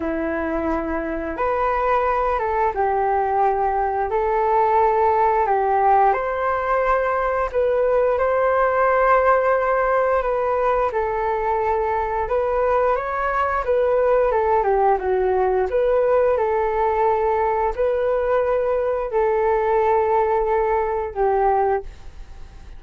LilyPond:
\new Staff \with { instrumentName = "flute" } { \time 4/4 \tempo 4 = 88 e'2 b'4. a'8 | g'2 a'2 | g'4 c''2 b'4 | c''2. b'4 |
a'2 b'4 cis''4 | b'4 a'8 g'8 fis'4 b'4 | a'2 b'2 | a'2. g'4 | }